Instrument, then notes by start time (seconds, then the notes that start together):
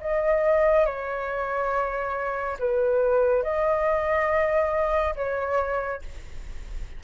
flute
0.00 D#5
0.86 C#5
2.59 B4
3.43 D#5
5.16 C#5